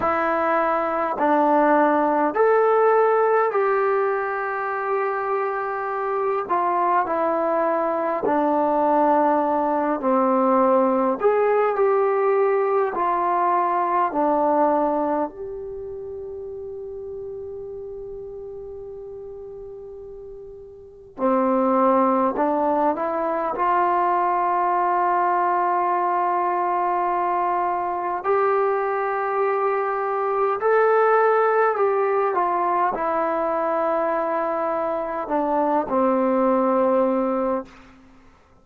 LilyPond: \new Staff \with { instrumentName = "trombone" } { \time 4/4 \tempo 4 = 51 e'4 d'4 a'4 g'4~ | g'4. f'8 e'4 d'4~ | d'8 c'4 gis'8 g'4 f'4 | d'4 g'2.~ |
g'2 c'4 d'8 e'8 | f'1 | g'2 a'4 g'8 f'8 | e'2 d'8 c'4. | }